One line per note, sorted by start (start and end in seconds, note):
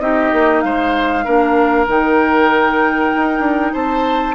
0.00 0.31 C4
0.00 1.25 D#4
0.00 0.65 G4
0.00 0.61 D#5
0.32 0.64 A#3
0.61 1.26 G#3
0.61 1.25 C5
0.61 1.86 F5
1.25 1.88 A#3
1.25 1.87 D4
1.25 3.73 A#4
1.87 3.13 D#3
1.87 4.36 D#4
1.87 3.74 G5
3.16 3.40 D#4
3.40 3.71 D4
3.73 4.36 C4
3.73 4.36 C5
3.73 4.36 A5